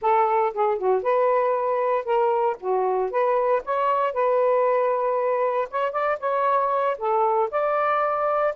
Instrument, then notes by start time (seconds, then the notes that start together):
saxophone
0.01 A4
0.53 G#4
0.78 F#4
1.03 B4
2.05 A#4
2.60 F#4
3.10 B4
3.64 C#5
4.13 B4
5.70 C#5
5.92 D5
6.19 C#5
6.97 A4
7.50 D5